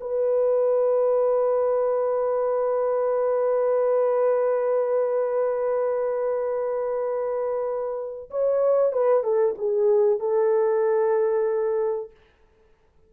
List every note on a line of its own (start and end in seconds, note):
0.00 8.30 B4
8.30 8.92 C#5
8.92 9.23 B4
9.23 9.55 A4
9.58 10.19 G#4
10.19 12.11 A4